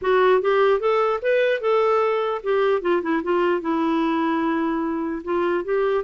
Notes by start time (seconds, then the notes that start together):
0.01 F#4
0.41 G4
0.80 A4
1.22 B4
1.61 A4
2.43 G4
2.81 F4
3.02 E4
3.23 F4
3.61 E4
5.24 F4
5.64 G4